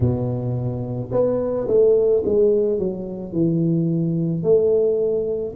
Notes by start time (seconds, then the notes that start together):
0.00 B2
1.11 B3
1.67 A3
2.25 G#3
2.78 F#3
3.32 E3
4.43 A3